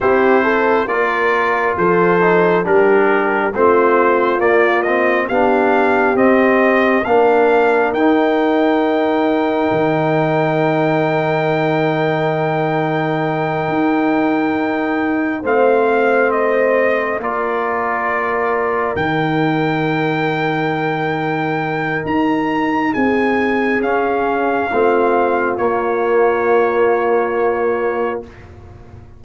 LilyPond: <<
  \new Staff \with { instrumentName = "trumpet" } { \time 4/4 \tempo 4 = 68 c''4 d''4 c''4 ais'4 | c''4 d''8 dis''8 f''4 dis''4 | f''4 g''2.~ | g''1~ |
g''4. f''4 dis''4 d''8~ | d''4. g''2~ g''8~ | g''4 ais''4 gis''4 f''4~ | f''4 cis''2. | }
  \new Staff \with { instrumentName = "horn" } { \time 4/4 g'8 a'8 ais'4 a'4 g'4 | f'2 g'2 | ais'1~ | ais'1~ |
ais'4. c''2 ais'8~ | ais'1~ | ais'2 gis'2 | f'1 | }
  \new Staff \with { instrumentName = "trombone" } { \time 4/4 e'4 f'4. dis'8 d'4 | c'4 ais8 c'8 d'4 c'4 | d'4 dis'2.~ | dis'1~ |
dis'4. c'2 f'8~ | f'4. dis'2~ dis'8~ | dis'2. cis'4 | c'4 ais2. | }
  \new Staff \with { instrumentName = "tuba" } { \time 4/4 c'4 ais4 f4 g4 | a4 ais4 b4 c'4 | ais4 dis'2 dis4~ | dis2.~ dis8 dis'8~ |
dis'4. a2 ais8~ | ais4. dis2~ dis8~ | dis4 dis'4 c'4 cis'4 | a4 ais2. | }
>>